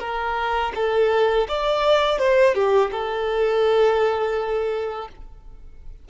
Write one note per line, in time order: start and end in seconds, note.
0.00 0.72 A#4
0.75 1.47 A4
1.48 2.19 D5
2.19 2.54 C5
2.54 2.90 G4
2.91 5.08 A4